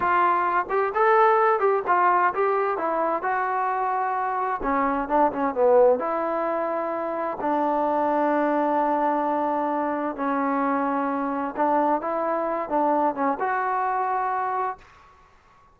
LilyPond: \new Staff \with { instrumentName = "trombone" } { \time 4/4 \tempo 4 = 130 f'4. g'8 a'4. g'8 | f'4 g'4 e'4 fis'4~ | fis'2 cis'4 d'8 cis'8 | b4 e'2. |
d'1~ | d'2 cis'2~ | cis'4 d'4 e'4. d'8~ | d'8 cis'8 fis'2. | }